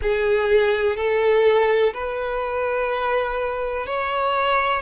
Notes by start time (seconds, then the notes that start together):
0.02 G#4
0.96 A4
1.93 B4
3.86 C#5